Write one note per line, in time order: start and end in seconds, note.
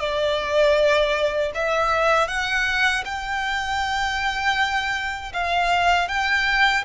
0.00 1.52 D5
1.55 2.28 E5
2.28 3.04 F#5
3.05 5.33 G5
5.33 6.09 F5
6.09 6.85 G5